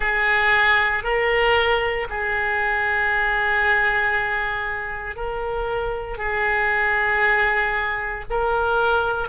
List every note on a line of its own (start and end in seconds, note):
0.00 1.03 G#4
1.03 2.07 A#4
2.09 5.16 G#4
5.16 6.17 A#4
6.17 8.24 G#4
8.29 9.28 A#4